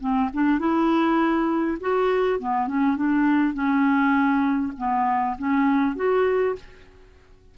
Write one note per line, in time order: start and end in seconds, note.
0.00 0.30 C4
0.33 0.59 D4
0.59 1.77 E4
1.80 2.40 F#4
2.40 2.67 B3
2.67 2.96 C#4
2.96 3.54 D4
3.54 4.73 C#4
4.77 5.37 B3
5.38 5.96 C#4
5.96 6.55 F#4